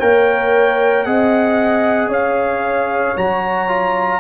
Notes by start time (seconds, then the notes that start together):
0.00 A#3 A#4 C#5 G5
1.04 C4 G#4 D#5 F#5
2.07 C#4 C#5 F5
3.17 F#3 F#4 A#5
3.68 F4